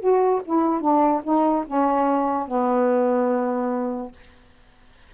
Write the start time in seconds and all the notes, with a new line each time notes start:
0.00 F#4
0.45 E4
0.81 D4
1.24 D#4
1.67 C#4
2.48 B3